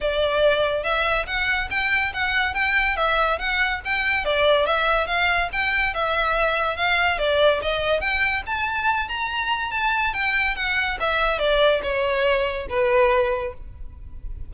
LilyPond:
\new Staff \with { instrumentName = "violin" } { \time 4/4 \tempo 4 = 142 d''2 e''4 fis''4 | g''4 fis''4 g''4 e''4 | fis''4 g''4 d''4 e''4 | f''4 g''4 e''2 |
f''4 d''4 dis''4 g''4 | a''4. ais''4. a''4 | g''4 fis''4 e''4 d''4 | cis''2 b'2 | }